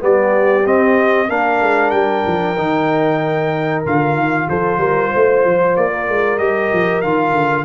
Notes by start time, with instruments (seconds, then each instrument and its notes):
0.00 tuba G3, trombone B3, horn G4, trumpet D5
0.65 trombone C4, tuba C4, trumpet D#5
1.29 tuba A#3, trombone D4, horn A#4, trumpet F5
1.62 tuba G#3
1.91 tuba G3, trumpet G5
2.27 tuba F3
2.58 tuba D#3, trombone D#4
3.85 tuba D3, trombone F4, trumpet F5
4.15 tuba D#3
4.49 tuba F3, horn A4, trumpet C5
4.78 tuba G3, horn A#4
5.11 tuba A3, horn C5
5.46 tuba F3
5.77 tuba A#3, trumpet D5
5.93 horn A#4
6.09 tuba G#3
6.39 tuba G3, trombone G4, trumpet D#5
6.73 tuba F3
7.02 tuba D#3, trombone F4, trumpet F5
7.33 tuba D3